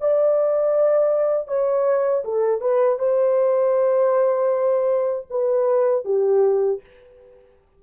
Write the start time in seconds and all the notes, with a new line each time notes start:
0.00 D5
1.47 C#5
2.24 A4
2.61 B4
2.99 C5
5.30 B4
6.04 G4